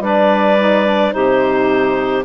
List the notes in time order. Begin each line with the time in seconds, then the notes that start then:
0.00 G3 D4 B4 D5
0.59 D#4
0.86 D4
1.12 C3 D#4 G4 C5